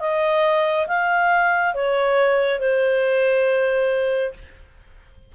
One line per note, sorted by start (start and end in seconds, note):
0.00 0.87 D#5
0.87 1.74 F5
1.74 2.60 C#5
2.60 4.34 C5